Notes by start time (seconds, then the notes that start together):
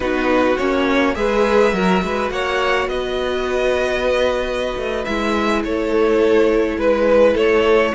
0.00 B3 D#4 F#4 B4
0.57 A#3 C#4 C#5
1.14 G#3 G#4 B4 E5
1.73 F#3 F#4 A#4
2.02 G#3 B4
2.30 A#3 C#5 F#5
2.86 B3 B4 D#5
4.76 A3
5.04 G#3 E4 E5
5.63 A3 A4 C#5
6.77 G#3 B4
7.34 A3 A4 C#5